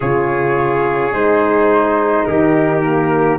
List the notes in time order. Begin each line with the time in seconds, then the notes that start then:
0.00 C#3 F4 G#4 C#5
1.11 G#3 D#4 C5
2.24 D#3 G4 A#4
2.82 A#3